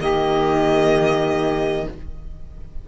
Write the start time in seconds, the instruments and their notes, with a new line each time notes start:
0.00 cello D#3, viola A#3, saxophone G4, violin D#5